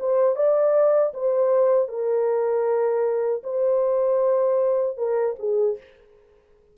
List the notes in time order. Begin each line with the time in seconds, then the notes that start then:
0.00 C5
0.36 D5
1.14 C5
1.88 A#4
3.44 C5
4.98 A#4
5.39 G#4